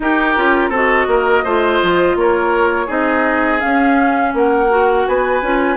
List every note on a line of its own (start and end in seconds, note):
0.00 0.35 D#4
0.00 0.36 D#4
0.00 0.69 G4
0.00 0.73 A#4
0.36 0.69 C#4
0.36 0.72 F4
0.69 1.05 C4
0.69 1.45 F#4
0.69 1.05 A4
0.69 2.18 D#5
1.07 1.43 A#3
1.07 1.44 A#4
1.44 1.80 A3
1.44 2.87 F4
1.44 2.16 C5
1.82 2.15 F3
2.15 2.87 A#3
2.15 2.86 A#4
2.15 2.90 C#5
2.86 3.61 C4
2.86 3.59 D#4
2.86 4.31 G#4
2.86 3.60 D#5
3.59 4.67 C#4
3.59 4.33 C#4
3.59 4.32 F5
4.33 5.05 A#3
4.33 5.08 A#4
4.33 5.07 F#5
4.69 5.41 F#4
5.07 5.42 B3
5.07 5.76 B4
5.07 5.76 G#5
5.42 5.76 C#4
5.42 5.76 F4